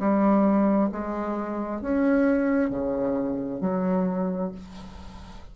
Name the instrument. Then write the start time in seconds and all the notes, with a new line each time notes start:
bassoon
0.00 G3
0.92 G#3
1.82 C#4
2.70 C#3
3.61 F#3